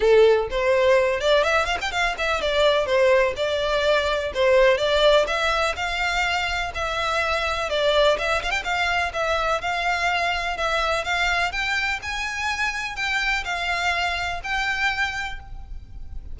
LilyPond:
\new Staff \with { instrumentName = "violin" } { \time 4/4 \tempo 4 = 125 a'4 c''4. d''8 e''8 f''16 g''16 | f''8 e''8 d''4 c''4 d''4~ | d''4 c''4 d''4 e''4 | f''2 e''2 |
d''4 e''8 f''16 g''16 f''4 e''4 | f''2 e''4 f''4 | g''4 gis''2 g''4 | f''2 g''2 | }